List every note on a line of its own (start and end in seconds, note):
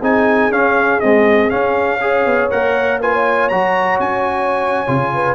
0.00 0.51 C4
0.00 0.52 D#4
0.00 2.00 G#4
0.00 0.52 G#5
0.51 1.01 C#4
0.51 1.02 C#4
0.51 1.00 F5
1.00 1.50 G#3
1.00 1.52 C4
1.00 1.50 D#5
1.50 2.00 C#4
1.50 2.26 C#4
1.50 2.50 F5
2.01 2.51 G#4
2.01 3.01 C#5
2.26 2.51 B3
2.51 3.51 A#3
2.51 3.01 A#4
2.51 3.01 F#5
3.01 3.51 F4
3.01 3.14 B4
3.01 3.49 G#5
3.14 5.14 C#5
3.49 3.99 F#3
3.49 4.87 F#4
3.49 3.99 A#5
3.99 4.87 C#4
3.99 5.35 G#5
4.87 5.35 C#3
4.87 5.35 F4
5.14 5.35 B4